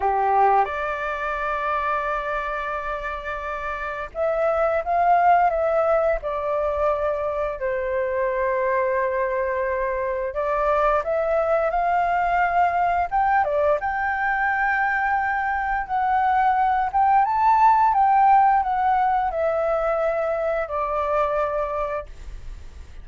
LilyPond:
\new Staff \with { instrumentName = "flute" } { \time 4/4 \tempo 4 = 87 g'4 d''2.~ | d''2 e''4 f''4 | e''4 d''2 c''4~ | c''2. d''4 |
e''4 f''2 g''8 d''8 | g''2. fis''4~ | fis''8 g''8 a''4 g''4 fis''4 | e''2 d''2 | }